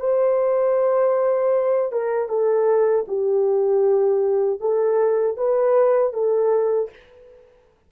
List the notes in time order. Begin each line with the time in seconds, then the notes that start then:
0.00 C5
1.92 A#4
2.28 A4
3.08 G4
4.60 A4
5.37 B4
6.13 A4